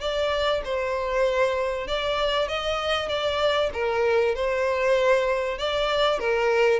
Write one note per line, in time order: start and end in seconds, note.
0.00 0.62 D5
0.64 1.88 C5
1.88 2.48 D5
2.48 3.08 D#5
3.08 3.70 D5
3.73 4.35 A#4
4.35 5.58 C5
5.58 6.19 D5
6.19 6.80 A#4